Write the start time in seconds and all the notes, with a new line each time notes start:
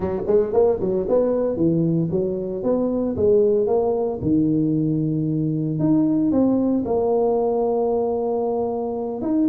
0.00 F#3
0.26 G#3
0.53 A#3
0.80 F#3
1.09 B3
1.56 E3
2.10 F#3
2.63 B3
3.16 G#3
3.67 A#3
4.21 D#3
5.79 D#4
6.31 C4
6.85 A#3
9.21 D#4